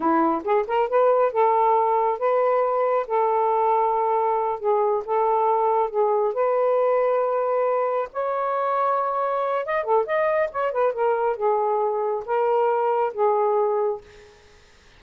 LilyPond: \new Staff \with { instrumentName = "saxophone" } { \time 4/4 \tempo 4 = 137 e'4 gis'8 ais'8 b'4 a'4~ | a'4 b'2 a'4~ | a'2~ a'8 gis'4 a'8~ | a'4. gis'4 b'4.~ |
b'2~ b'8 cis''4.~ | cis''2 dis''8 a'8 dis''4 | cis''8 b'8 ais'4 gis'2 | ais'2 gis'2 | }